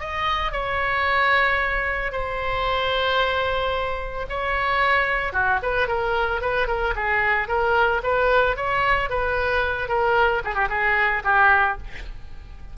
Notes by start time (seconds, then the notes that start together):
0.00 D#5
0.52 C#5
2.12 C5
4.29 C#5
5.33 F#4
5.62 B4
5.87 A#4
6.41 B4
6.67 A#4
6.95 G#4
7.48 A#4
8.03 B4
8.56 C#5
9.09 B4
9.88 A#4
10.44 G#4
10.55 G4
10.69 G#4
11.24 G4